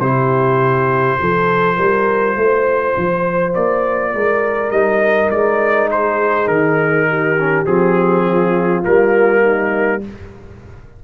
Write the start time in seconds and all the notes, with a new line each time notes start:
0.00 C3 E4 G4 C5
1.19 F3 F4 A4
1.76 G3 A#4
2.36 A3 C5
2.97 F3
3.54 A#3 D5
4.14 G#3 A#4
4.71 G3 D#4 D#5
5.30 G#3 D5
5.91 G#4 C5
6.47 D#3 A#4
7.09 G4
7.39 C#4
7.66 F3 C4 G#4
8.25 F4
8.83 G3 A#3 A#4
9.41 D#4